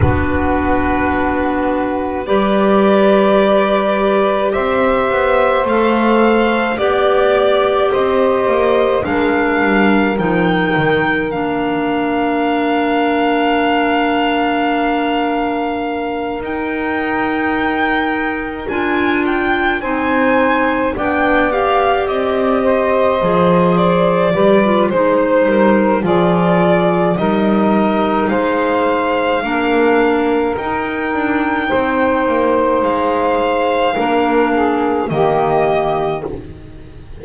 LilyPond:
<<
  \new Staff \with { instrumentName = "violin" } { \time 4/4 \tempo 4 = 53 b'2 d''2 | e''4 f''4 d''4 dis''4 | f''4 g''4 f''2~ | f''2~ f''8 g''4.~ |
g''8 gis''8 g''8 gis''4 g''8 f''8 dis''8~ | dis''4 d''4 c''4 d''4 | dis''4 f''2 g''4~ | g''4 f''2 dis''4 | }
  \new Staff \with { instrumentName = "saxophone" } { \time 4/4 fis'2 b'2 | c''2 d''4 c''4 | ais'1~ | ais'1~ |
ais'4. c''4 d''4. | c''4. b'8 c''8 ais'8 gis'4 | ais'4 c''4 ais'2 | c''2 ais'8 gis'8 g'4 | }
  \new Staff \with { instrumentName = "clarinet" } { \time 4/4 d'2 g'2~ | g'4 a'4 g'2 | d'4 dis'4 d'2~ | d'2~ d'8 dis'4.~ |
dis'8 f'4 dis'4 d'8 g'4~ | g'8 gis'4 g'16 f'16 dis'4 f'4 | dis'2 d'4 dis'4~ | dis'2 d'4 ais4 | }
  \new Staff \with { instrumentName = "double bass" } { \time 4/4 b2 g2 | c'8 b8 a4 b4 c'8 ais8 | gis8 g8 f8 dis8 ais2~ | ais2~ ais8 dis'4.~ |
dis'8 d'4 c'4 b4 c'8~ | c'8 f4 g8 gis8 g8 f4 | g4 gis4 ais4 dis'8 d'8 | c'8 ais8 gis4 ais4 dis4 | }
>>